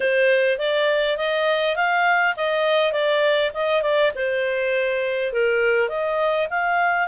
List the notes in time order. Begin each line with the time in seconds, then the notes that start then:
0.00 C5
0.58 D5
1.17 D#5
1.76 F5
2.36 D#5
2.92 D5
3.54 D#5
3.82 D5
4.15 C5
5.32 A#4
5.88 D#5
6.50 F5